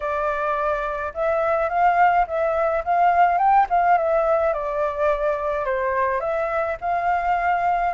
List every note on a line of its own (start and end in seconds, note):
0.00 1.13 D5
1.14 1.69 E5
1.69 2.25 F5
2.27 2.83 E5
2.84 3.38 F5
3.38 3.66 G5
3.69 3.97 F5
3.97 4.53 E5
4.53 5.65 D5
5.65 6.20 C5
6.20 6.76 E5
6.81 7.93 F5